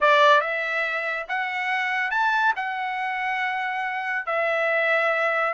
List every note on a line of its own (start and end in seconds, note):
0.00 0.40 D5
0.40 1.26 E5
1.28 2.11 F#5
2.11 2.53 A5
2.56 4.26 F#5
4.26 5.53 E5